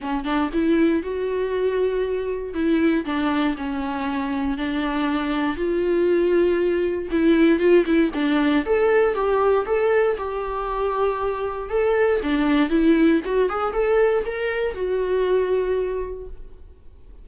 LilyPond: \new Staff \with { instrumentName = "viola" } { \time 4/4 \tempo 4 = 118 cis'8 d'8 e'4 fis'2~ | fis'4 e'4 d'4 cis'4~ | cis'4 d'2 f'4~ | f'2 e'4 f'8 e'8 |
d'4 a'4 g'4 a'4 | g'2. a'4 | d'4 e'4 fis'8 gis'8 a'4 | ais'4 fis'2. | }